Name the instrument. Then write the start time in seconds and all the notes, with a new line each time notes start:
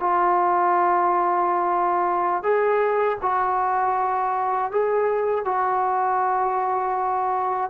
trombone
0.00 F4
2.43 G#4
3.22 F#4
4.72 G#4
5.45 F#4